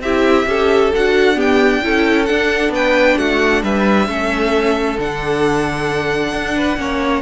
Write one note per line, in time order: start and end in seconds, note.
0.00 0.45 C4
0.00 0.47 E4
0.00 0.47 G4
0.00 0.92 E5
0.46 0.92 C#4
0.46 0.92 G4
0.46 1.36 A4
0.95 1.85 D4
0.95 1.35 F#4
0.95 1.40 F#5
1.35 1.80 B3
1.35 1.81 G4
1.35 2.25 G5
1.82 2.30 C#4
1.82 2.27 E4
1.82 2.73 A4
2.25 4.08 D4
2.25 2.69 D4
2.25 2.70 F#5
2.69 3.14 B3
2.69 3.18 B4
2.69 3.18 G5
3.18 3.63 A3
3.18 3.62 F#4
3.18 3.63 F#5
3.62 4.07 G3
3.62 4.08 B4
3.62 4.99 E5
4.07 4.97 A3
4.07 4.98 C#4
4.07 6.56 A4
4.98 6.33 D3
4.98 6.77 D4
4.98 7.21 F#5
6.33 6.77 D4
6.56 6.78 B4
6.77 7.21 A#3
6.77 7.21 C#4
6.77 7.21 C#5